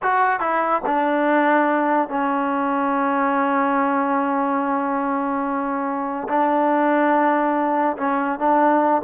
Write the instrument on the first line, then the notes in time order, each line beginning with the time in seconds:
trombone
0.02 F#4
0.40 E4
0.86 D4
2.08 C#4
6.29 D4
7.97 C#4
8.39 D4